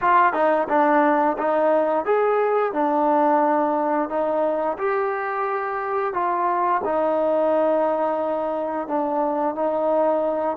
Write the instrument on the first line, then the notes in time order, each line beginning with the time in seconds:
trombone
0.01 F4
0.33 D#4
0.68 D4
1.38 D#4
2.05 G#4
2.72 D4
4.09 D#4
4.77 G4
6.13 F4
6.84 D#4
8.87 D4
9.55 D#4